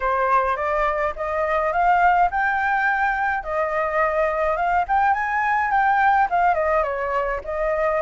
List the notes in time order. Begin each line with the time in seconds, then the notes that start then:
0.00 C5
0.56 D5
1.16 D#5
1.72 F5
2.31 G5
3.43 D#5
4.56 F5
4.88 G5
5.13 G#5
5.71 G5
6.30 F5
6.54 D#5
6.83 C#5
7.44 D#5